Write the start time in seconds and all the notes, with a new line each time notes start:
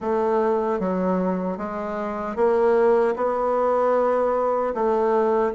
0.00 A3
0.79 F#3
1.57 G#3
2.35 A#3
3.16 B3
4.74 A3